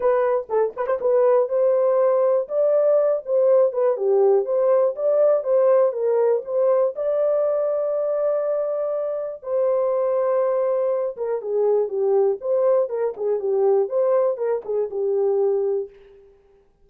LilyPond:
\new Staff \with { instrumentName = "horn" } { \time 4/4 \tempo 4 = 121 b'4 a'8 b'16 c''16 b'4 c''4~ | c''4 d''4. c''4 b'8 | g'4 c''4 d''4 c''4 | ais'4 c''4 d''2~ |
d''2. c''4~ | c''2~ c''8 ais'8 gis'4 | g'4 c''4 ais'8 gis'8 g'4 | c''4 ais'8 gis'8 g'2 | }